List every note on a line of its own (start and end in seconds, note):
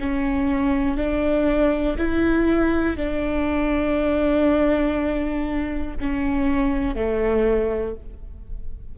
0.00 0.98 C#4
0.98 1.98 D4
1.98 2.97 E4
2.97 5.97 D4
6.00 6.95 C#4
6.95 7.95 A3